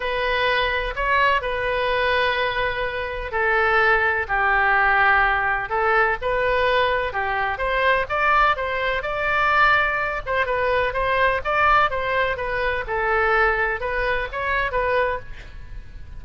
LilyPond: \new Staff \with { instrumentName = "oboe" } { \time 4/4 \tempo 4 = 126 b'2 cis''4 b'4~ | b'2. a'4~ | a'4 g'2. | a'4 b'2 g'4 |
c''4 d''4 c''4 d''4~ | d''4. c''8 b'4 c''4 | d''4 c''4 b'4 a'4~ | a'4 b'4 cis''4 b'4 | }